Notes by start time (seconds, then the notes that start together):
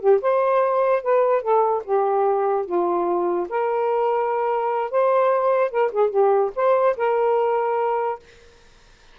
0.00 G4
0.22 C5
1.03 B4
1.42 A4
1.85 G4
2.66 F4
3.49 A#4
4.91 C5
5.71 A#4
5.92 G#4
6.10 G4
6.56 C5
6.97 A#4